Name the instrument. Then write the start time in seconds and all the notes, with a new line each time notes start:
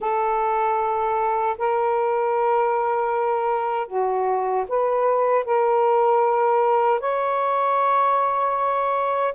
saxophone
0.00 A4
1.58 A#4
3.87 F#4
4.68 B4
5.44 A#4
7.00 C#5